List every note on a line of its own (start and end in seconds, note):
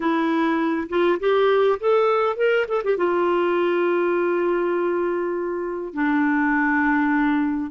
0.00 0.87 E4
0.89 1.19 F4
1.19 1.78 G4
1.79 2.36 A4
2.36 2.66 A#4
2.68 2.82 A4
2.84 2.97 G4
2.97 5.93 F4
5.93 7.70 D4